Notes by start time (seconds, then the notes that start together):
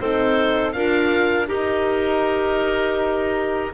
0.00 C4 D#4 A4 C5
0.72 D4 F4 A#4 F5
1.47 D#4 G4 A#4